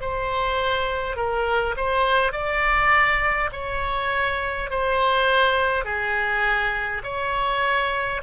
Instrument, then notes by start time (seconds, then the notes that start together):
oboe
0.00 C5
1.16 A#4
1.76 C5
2.32 D5
3.52 C#5
4.70 C5
5.84 G#4
7.03 C#5